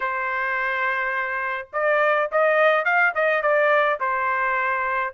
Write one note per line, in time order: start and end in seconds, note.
0.00 1.68 C5
1.72 2.30 D5
2.31 2.84 D#5
2.84 3.13 F5
3.15 3.42 D#5
3.42 3.99 D5
4.00 5.13 C5